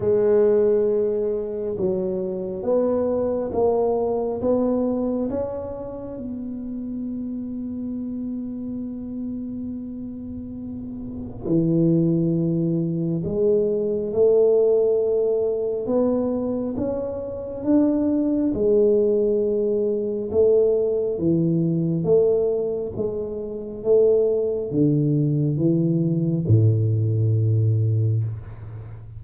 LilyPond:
\new Staff \with { instrumentName = "tuba" } { \time 4/4 \tempo 4 = 68 gis2 fis4 b4 | ais4 b4 cis'4 b4~ | b1~ | b4 e2 gis4 |
a2 b4 cis'4 | d'4 gis2 a4 | e4 a4 gis4 a4 | d4 e4 a,2 | }